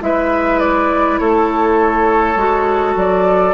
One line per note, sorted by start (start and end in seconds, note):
0.00 1.19 G#3
0.00 2.35 E4
0.00 1.21 B4
0.00 0.59 E5
0.59 1.18 D5
1.18 2.36 A3
1.18 3.54 A4
1.18 2.95 C#5
2.36 2.94 G#3
2.36 3.54 F#4
2.95 3.54 F#3
2.95 3.54 D5